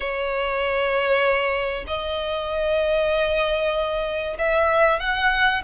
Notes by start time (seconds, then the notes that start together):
0.00 C#5
1.87 D#5
4.38 E5
5.00 F#5